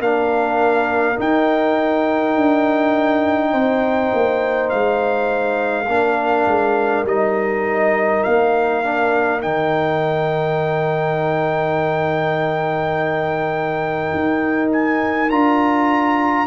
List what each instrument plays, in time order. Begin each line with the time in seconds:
0.00 tuba A#3, trombone D4, horn A#4, trumpet F5
1.15 trombone D#4, tuba D#4, trumpet G5
2.36 tuba D4
3.52 tuba C4, horn C5
4.14 tuba A#3
4.70 tuba G#3, trumpet F5
5.87 tuba A#3, trombone D4, horn A#4
6.47 tuba G#3
7.05 tuba G3, trombone D#4, trumpet D#5
8.24 tuba A#3, trumpet F5
8.84 trombone D4
9.41 tuba D#3, trombone D#4, trumpet G5
14.15 tuba D#4
14.73 trumpet G#5
15.31 tuba D4, trombone F4, trumpet A#5